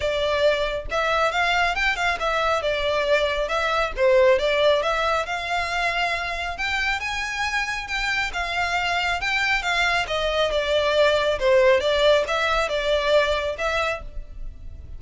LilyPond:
\new Staff \with { instrumentName = "violin" } { \time 4/4 \tempo 4 = 137 d''2 e''4 f''4 | g''8 f''8 e''4 d''2 | e''4 c''4 d''4 e''4 | f''2. g''4 |
gis''2 g''4 f''4~ | f''4 g''4 f''4 dis''4 | d''2 c''4 d''4 | e''4 d''2 e''4 | }